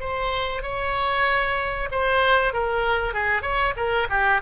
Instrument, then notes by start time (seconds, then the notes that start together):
oboe
0.00 C5
0.63 C#5
1.91 C5
2.53 A#4
3.14 G#4
3.42 C#5
3.76 A#4
4.10 G4